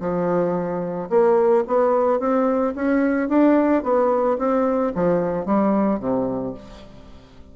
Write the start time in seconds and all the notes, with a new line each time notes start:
0.00 F3
1.10 A#3
1.68 B3
2.20 C4
2.75 C#4
3.29 D4
3.83 B3
4.38 C4
4.95 F3
5.46 G3
6.00 C3